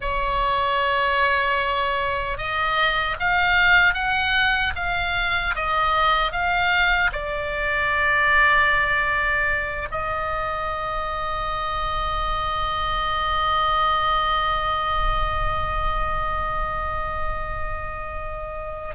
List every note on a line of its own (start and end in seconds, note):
0.00 2.37 C#5
2.37 3.16 D#5
3.19 3.94 F5
3.94 4.73 F#5
4.75 5.54 F5
5.55 6.32 D#5
6.32 7.11 F5
7.12 9.88 D5
9.91 18.95 D#5